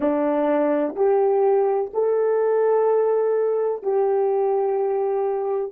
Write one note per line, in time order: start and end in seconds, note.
0.00 0.95 D4
0.95 1.90 G4
1.93 3.82 A4
3.82 5.71 G4